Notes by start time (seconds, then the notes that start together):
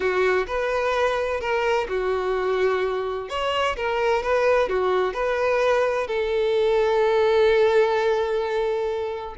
0.00 F#4
0.46 B4
1.40 A#4
1.88 F#4
3.29 C#5
3.76 A#4
4.23 B4
4.69 F#4
5.13 B4
6.07 A4